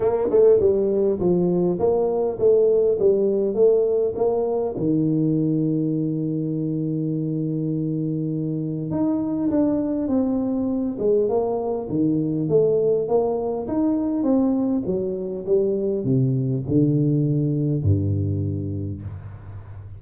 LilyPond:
\new Staff \with { instrumentName = "tuba" } { \time 4/4 \tempo 4 = 101 ais8 a8 g4 f4 ais4 | a4 g4 a4 ais4 | dis1~ | dis2. dis'4 |
d'4 c'4. gis8 ais4 | dis4 a4 ais4 dis'4 | c'4 fis4 g4 c4 | d2 g,2 | }